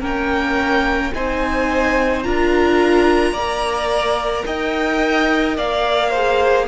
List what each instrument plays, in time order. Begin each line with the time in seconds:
0.00 cello A#3, viola C#4, violin A#4 G5
1.14 cello C4, viola D#4, violin C5 G#5
2.23 cello D4, viola F4, violin A#4 A#5
3.31 cello A#3, violin D5
3.38 viola A#4
4.45 cello D#4, violin D#5 G5
5.56 cello A#3, violin D5 F5
6.09 viola G#4, violin C5